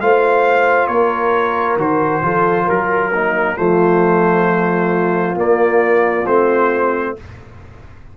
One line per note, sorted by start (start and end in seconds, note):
0.00 0.87 A3
0.00 1.78 F4
0.00 0.89 C5
0.00 0.87 F5
0.87 1.76 A#3
0.87 2.23 A#4
0.87 1.77 C#5
1.76 2.21 D#3
1.76 2.22 F#4
1.76 2.69 C5
2.22 2.67 F3
2.22 3.12 F4
2.22 2.65 A4
2.65 3.57 F#3
2.65 3.09 A#4
2.65 3.57 A#4
3.13 3.57 A#3
3.13 3.56 D#4
3.56 5.35 F3
3.56 5.35 A3
3.56 7.15 F4
3.56 5.36 C5
5.35 6.24 A#3
5.35 6.25 A#3
5.35 6.26 D5
6.26 7.16 A3
6.26 7.17 C4
6.26 7.16 C5